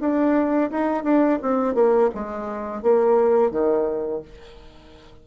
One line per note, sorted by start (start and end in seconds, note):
0.00 0.71 D4
0.71 1.04 D#4
1.04 1.39 D4
1.42 1.75 C4
1.75 2.10 A#3
2.15 2.83 G#3
2.83 3.51 A#3
3.51 4.22 D#3